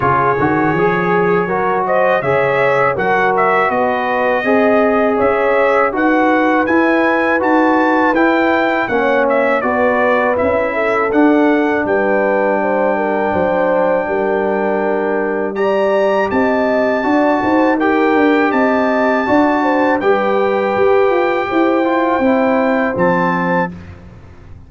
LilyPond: <<
  \new Staff \with { instrumentName = "trumpet" } { \time 4/4 \tempo 4 = 81 cis''2~ cis''8 dis''8 e''4 | fis''8 e''8 dis''2 e''4 | fis''4 gis''4 a''4 g''4 | fis''8 e''8 d''4 e''4 fis''4 |
g''1~ | g''4 ais''4 a''2 | g''4 a''2 g''4~ | g''2. a''4 | }
  \new Staff \with { instrumentName = "horn" } { \time 4/4 gis'2 ais'8 c''8 cis''4 | ais'4 b'4 dis''4 cis''4 | b'1 | cis''4 b'4. a'4. |
b'4 c''8 ais'8 c''4 ais'4~ | ais'4 d''4 dis''4 d''8 c''8 | ais'4 dis''4 d''8 c''8 b'4~ | b'4 c''2. | }
  \new Staff \with { instrumentName = "trombone" } { \time 4/4 f'8 fis'8 gis'4 fis'4 gis'4 | fis'2 gis'2 | fis'4 e'4 fis'4 e'4 | cis'4 fis'4 e'4 d'4~ |
d'1~ | d'4 g'2 fis'4 | g'2 fis'4 g'4~ | g'4. f'8 e'4 c'4 | }
  \new Staff \with { instrumentName = "tuba" } { \time 4/4 cis8 dis8 f4 fis4 cis4 | fis4 b4 c'4 cis'4 | dis'4 e'4 dis'4 e'4 | ais4 b4 cis'4 d'4 |
g2 fis4 g4~ | g2 c'4 d'8 dis'8~ | dis'8 d'8 c'4 d'4 g4 | g'8 f'8 e'4 c'4 f4 | }
>>